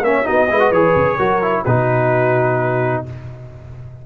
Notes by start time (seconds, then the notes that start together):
0.00 A#3 C#4 C#5 E5
0.24 B3 D#4 F#4 D#5
0.50 G#3 E4 B4
0.60 F#4
0.71 E3 G#4 C#5
0.95 C#3
1.17 F#3 F#4 A#4
1.42 E4
1.64 B2 D#4 F#4 B4